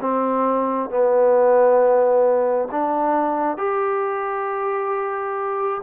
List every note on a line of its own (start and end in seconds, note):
0.00 0.90 C4
0.90 2.69 B3
2.71 3.57 D4
3.57 5.81 G4